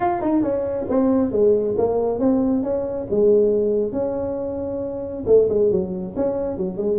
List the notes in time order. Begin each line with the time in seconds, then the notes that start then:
0.00 F4
0.21 D#4
0.42 C#4
0.89 C4
1.31 G#3
1.77 A#3
2.19 C4
2.63 C#4
3.10 G#3
3.92 C#4
5.26 A3
5.49 G#3
5.71 F#3
6.16 C#4
6.57 F#3
6.77 G#3